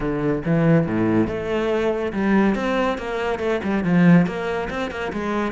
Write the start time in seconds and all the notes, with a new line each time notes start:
0.00 D3
0.45 E3
0.86 A2
1.27 A3
2.12 G3
2.55 C4
2.98 A#3
3.39 A3
3.63 G3
3.84 F3
4.26 A#3
4.69 C4
4.90 A#3
5.13 G#3